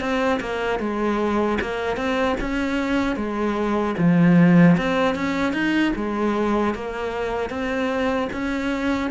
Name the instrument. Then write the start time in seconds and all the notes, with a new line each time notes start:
cello
0.00 C4
0.40 A#3
0.79 G#3
1.61 A#3
1.96 C4
2.41 C#4
3.16 G#3
3.98 F3
4.77 C4
5.15 C#4
5.53 D#4
5.96 G#3
6.75 A#3
7.50 C4
8.33 C#4